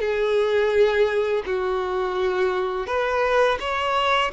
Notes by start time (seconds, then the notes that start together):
0.00 G#4
1.45 F#4
2.86 B4
3.59 C#5